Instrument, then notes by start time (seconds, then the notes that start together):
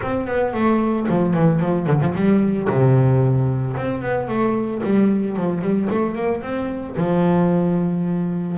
double bass
0.01 C4
0.26 B3
0.53 A3
1.08 F3
1.34 E3
1.59 F3
1.87 D3
2.01 F3
2.15 G3
2.68 C3
3.76 C4
4.02 B3
4.28 A3
4.83 G3
5.36 F3
5.61 G3
5.90 A3
6.15 A#3
6.42 C4
6.96 F3